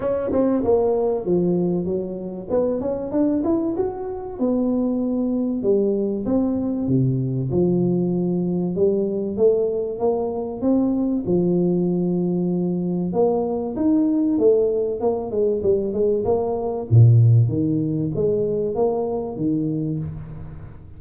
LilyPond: \new Staff \with { instrumentName = "tuba" } { \time 4/4 \tempo 4 = 96 cis'8 c'8 ais4 f4 fis4 | b8 cis'8 d'8 e'8 fis'4 b4~ | b4 g4 c'4 c4 | f2 g4 a4 |
ais4 c'4 f2~ | f4 ais4 dis'4 a4 | ais8 gis8 g8 gis8 ais4 ais,4 | dis4 gis4 ais4 dis4 | }